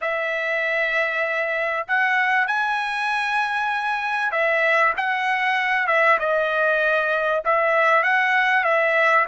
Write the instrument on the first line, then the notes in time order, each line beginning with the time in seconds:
trumpet
0.01 E5
1.87 F#5
2.47 G#5
4.31 E5
4.97 F#5
5.87 E5
6.19 D#5
7.45 E5
8.03 F#5
8.63 E5